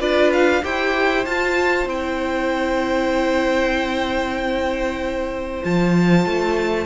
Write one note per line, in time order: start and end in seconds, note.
0.00 0.63 D4
0.00 0.62 F4
0.00 0.63 B4
0.00 0.32 D5
0.33 0.64 F5
0.63 1.26 E4
0.63 1.25 G4
0.63 6.86 C5
0.63 1.25 G5
1.25 1.86 F4
1.25 1.89 F4
1.25 1.88 A5
1.86 5.61 C4
1.86 5.63 E4
1.86 5.64 G5
5.63 6.26 F3
5.63 6.86 F4
5.63 6.86 A5
6.26 6.86 A3